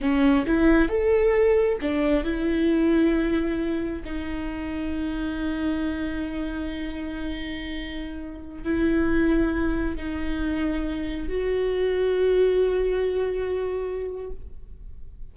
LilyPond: \new Staff \with { instrumentName = "viola" } { \time 4/4 \tempo 4 = 134 cis'4 e'4 a'2 | d'4 e'2.~ | e'4 dis'2.~ | dis'1~ |
dis'2.~ dis'16 e'8.~ | e'2~ e'16 dis'4.~ dis'16~ | dis'4~ dis'16 fis'2~ fis'8.~ | fis'1 | }